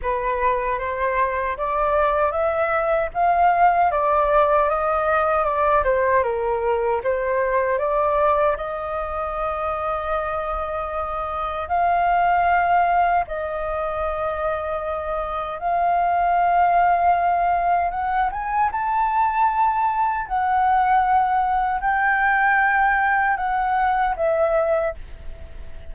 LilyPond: \new Staff \with { instrumentName = "flute" } { \time 4/4 \tempo 4 = 77 b'4 c''4 d''4 e''4 | f''4 d''4 dis''4 d''8 c''8 | ais'4 c''4 d''4 dis''4~ | dis''2. f''4~ |
f''4 dis''2. | f''2. fis''8 gis''8 | a''2 fis''2 | g''2 fis''4 e''4 | }